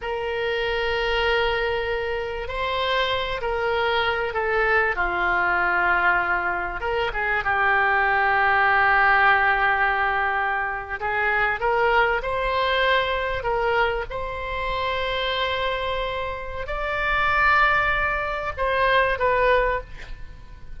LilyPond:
\new Staff \with { instrumentName = "oboe" } { \time 4/4 \tempo 4 = 97 ais'1 | c''4. ais'4. a'4 | f'2. ais'8 gis'8 | g'1~ |
g'4.~ g'16 gis'4 ais'4 c''16~ | c''4.~ c''16 ais'4 c''4~ c''16~ | c''2. d''4~ | d''2 c''4 b'4 | }